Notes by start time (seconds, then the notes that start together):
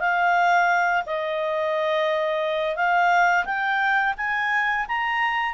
0.00 F5
1.06 D#5
2.76 F5
3.45 G5
4.17 G#5
4.88 A#5